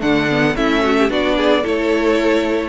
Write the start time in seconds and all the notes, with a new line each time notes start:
0.00 D3 A3 D4 F#5
0.30 B3
0.56 A3 C#4 E4 E5
0.83 F#4
0.97 G4
1.09 B3 D4 F#4 D5
1.36 G#4
1.63 A3 E4 A4 C#5